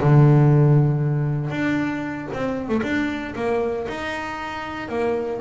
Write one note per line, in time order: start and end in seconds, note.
0.00 1.50 D3
1.50 2.28 D4
2.33 2.68 C4
2.68 2.81 A3
2.82 3.34 D4
3.35 3.87 A#3
3.88 4.88 D#4
4.88 5.40 A#3